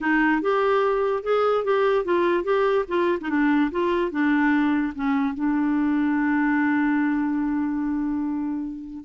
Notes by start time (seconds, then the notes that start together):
0.00 D#4
0.41 G4
1.23 G#4
1.64 G4
2.04 F4
2.44 G4
2.87 F4
3.20 D#4
3.29 D4
3.71 F4
4.11 D4
4.95 C#4
5.34 D4